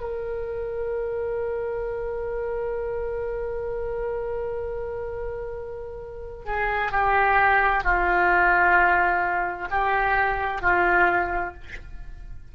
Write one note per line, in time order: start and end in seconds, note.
0.00 6.45 A#4
6.45 6.91 G#4
6.91 7.83 G4
7.83 9.68 F4
9.70 10.61 G4
10.61 11.53 F4